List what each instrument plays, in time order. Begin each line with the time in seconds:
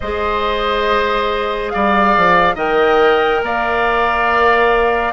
0.00 bassoon G#3, clarinet G#4, oboe C5, flute D#5
1.69 bassoon G3, oboe D5, flute F5
2.17 bassoon F3
2.54 bassoon D#3, clarinet A#4, oboe D#5, flute G5
3.41 bassoon A#3, oboe D5, flute F5